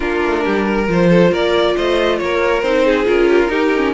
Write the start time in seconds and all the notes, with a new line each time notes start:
0.00 A#3 D4 F4 A#4
0.24 A3
0.44 G3 G4
0.65 A#4
0.87 F3 F4 C5
1.09 A4
1.31 A#3 A#4 D5
1.76 A3 C5 D#5
2.18 A#3 A#4 C#5
2.62 C4 D#4 C5
2.85 G#4
3.05 C#4 F4 A#4
3.28 G4
3.39 F4
3.48 D#4 G4
3.76 C#4